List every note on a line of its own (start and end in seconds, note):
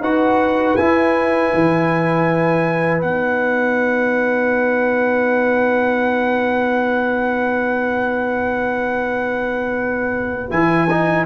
0.00 0.75 D#4
0.00 0.78 F#4
0.00 11.25 B4
0.00 0.76 F#5
0.76 1.52 E4
0.76 3.02 E4
0.76 3.01 G#5
1.54 3.03 E3
3.02 10.51 B3
3.02 10.50 D#4
3.02 10.51 F#5
10.50 11.26 E3
10.50 10.88 E4
10.50 11.26 G#5
10.90 11.26 D#4